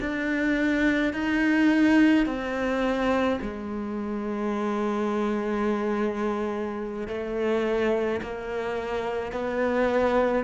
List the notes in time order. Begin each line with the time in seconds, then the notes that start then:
0.00 D4
1.13 D#4
2.26 C4
3.42 G#3
7.08 A3
8.22 A#3
9.32 B3